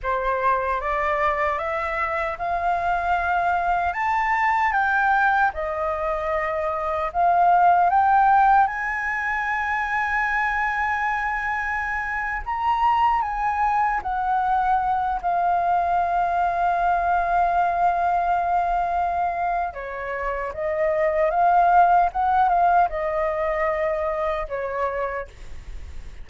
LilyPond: \new Staff \with { instrumentName = "flute" } { \time 4/4 \tempo 4 = 76 c''4 d''4 e''4 f''4~ | f''4 a''4 g''4 dis''4~ | dis''4 f''4 g''4 gis''4~ | gis''2.~ gis''8. ais''16~ |
ais''8. gis''4 fis''4. f''8.~ | f''1~ | f''4 cis''4 dis''4 f''4 | fis''8 f''8 dis''2 cis''4 | }